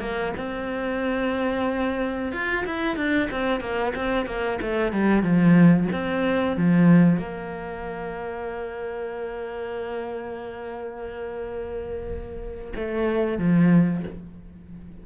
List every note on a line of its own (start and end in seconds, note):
0.00 0.33 A#3
0.36 2.32 C4
2.32 2.65 F4
2.66 2.96 E4
2.96 3.29 D4
3.31 3.60 C4
3.60 3.93 A#3
3.95 4.26 C4
4.26 4.58 A#3
4.61 4.92 A3
4.92 5.22 G3
5.22 5.88 F3
5.92 6.57 C4
6.57 7.19 F3
7.19 12.73 A#3
12.75 13.38 A3
13.38 14.03 F3